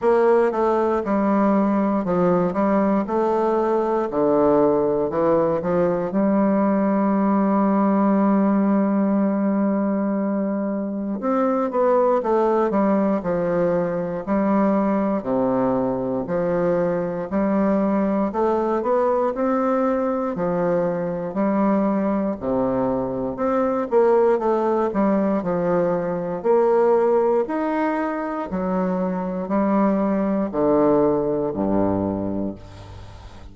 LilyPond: \new Staff \with { instrumentName = "bassoon" } { \time 4/4 \tempo 4 = 59 ais8 a8 g4 f8 g8 a4 | d4 e8 f8 g2~ | g2. c'8 b8 | a8 g8 f4 g4 c4 |
f4 g4 a8 b8 c'4 | f4 g4 c4 c'8 ais8 | a8 g8 f4 ais4 dis'4 | fis4 g4 d4 g,4 | }